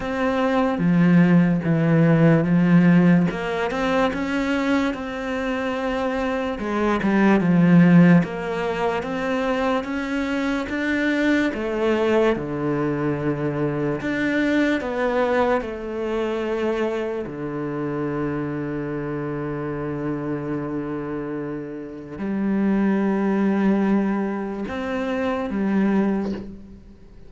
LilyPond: \new Staff \with { instrumentName = "cello" } { \time 4/4 \tempo 4 = 73 c'4 f4 e4 f4 | ais8 c'8 cis'4 c'2 | gis8 g8 f4 ais4 c'4 | cis'4 d'4 a4 d4~ |
d4 d'4 b4 a4~ | a4 d2.~ | d2. g4~ | g2 c'4 g4 | }